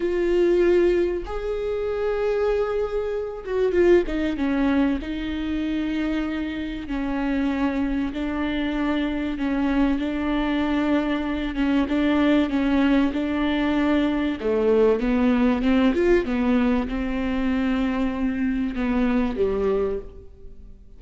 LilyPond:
\new Staff \with { instrumentName = "viola" } { \time 4/4 \tempo 4 = 96 f'2 gis'2~ | gis'4. fis'8 f'8 dis'8 cis'4 | dis'2. cis'4~ | cis'4 d'2 cis'4 |
d'2~ d'8 cis'8 d'4 | cis'4 d'2 a4 | b4 c'8 f'8 b4 c'4~ | c'2 b4 g4 | }